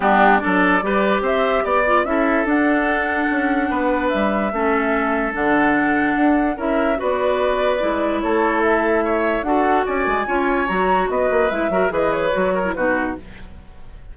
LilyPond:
<<
  \new Staff \with { instrumentName = "flute" } { \time 4/4 \tempo 4 = 146 g'4 d''2 e''4 | d''4 e''4 fis''2~ | fis''2 e''2~ | e''4 fis''2. |
e''4 d''2. | cis''4 e''2 fis''4 | gis''2 ais''4 dis''4 | e''4 dis''8 cis''4. b'4 | }
  \new Staff \with { instrumentName = "oboe" } { \time 4/4 d'4 a'4 b'4 c''4 | d''4 a'2.~ | a'4 b'2 a'4~ | a'1 |
ais'4 b'2. | a'2 cis''4 a'4 | d''4 cis''2 b'4~ | b'8 ais'8 b'4. ais'8 fis'4 | }
  \new Staff \with { instrumentName = "clarinet" } { \time 4/4 b4 d'4 g'2~ | g'8 f'8 e'4 d'2~ | d'2. cis'4~ | cis'4 d'2. |
e'4 fis'2 e'4~ | e'2. fis'4~ | fis'4 f'4 fis'2 | e'8 fis'8 gis'4 fis'8. e'16 dis'4 | }
  \new Staff \with { instrumentName = "bassoon" } { \time 4/4 g4 fis4 g4 c'4 | b4 cis'4 d'2 | cis'4 b4 g4 a4~ | a4 d2 d'4 |
cis'4 b2 gis4 | a2. d'4 | cis'8 gis8 cis'4 fis4 b8 ais8 | gis8 fis8 e4 fis4 b,4 | }
>>